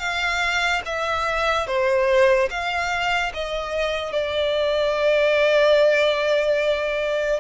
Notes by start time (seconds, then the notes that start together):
0.00 F5
0.86 E5
1.67 C5
2.51 F5
3.34 D#5
4.12 D5